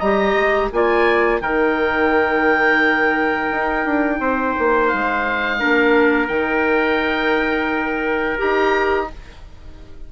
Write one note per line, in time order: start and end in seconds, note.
0.00 0.35 G3
0.00 0.73 G4
0.00 0.70 D#5
0.00 0.70 A#5
0.35 0.70 G#3
0.73 1.41 A#3
0.73 1.42 F4
0.73 1.43 D5
0.73 1.42 G#5
1.41 3.51 D#3
1.41 5.60 D#4
1.41 4.21 A#4
1.41 4.89 G5
3.52 3.86 D#4
3.86 4.20 D4
4.20 4.55 C4
4.20 5.60 C5
4.59 4.94 A#3
4.89 5.64 G#3
4.89 6.28 F5
5.60 6.30 A#3
5.60 6.28 D4
5.60 9.08 A#4
6.28 8.39 D#3
6.28 8.38 D#4
6.28 8.37 G5
8.38 9.12 D#4
8.38 9.08 G4
8.38 9.11 A#5